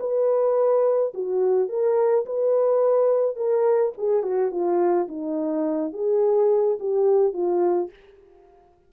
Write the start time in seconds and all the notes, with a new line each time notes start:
0.00 B4
1.14 F#4
1.69 A#4
2.26 B4
3.36 A#4
3.98 G#4
4.23 F#4
4.51 F4
5.08 D#4
5.93 G#4
6.80 G4
7.33 F4